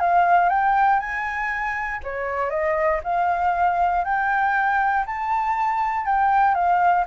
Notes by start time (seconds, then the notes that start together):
0.00 F5
0.49 G5
0.99 G#5
2.03 C#5
2.50 D#5
3.03 F5
4.04 G5
5.06 A5
6.05 G5
6.54 F5